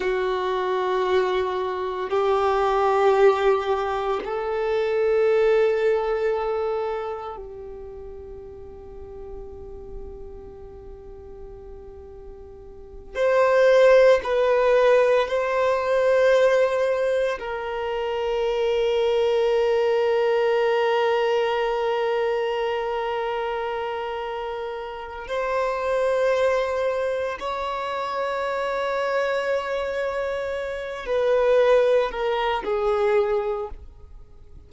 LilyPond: \new Staff \with { instrumentName = "violin" } { \time 4/4 \tempo 4 = 57 fis'2 g'2 | a'2. g'4~ | g'1~ | g'8 c''4 b'4 c''4.~ |
c''8 ais'2.~ ais'8~ | ais'1 | c''2 cis''2~ | cis''4. b'4 ais'8 gis'4 | }